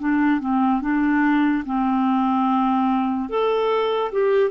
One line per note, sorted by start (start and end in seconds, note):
0.00 0.41 D4
0.41 0.82 C4
0.82 1.64 D4
1.66 3.30 C4
3.30 4.12 A4
4.12 4.51 G4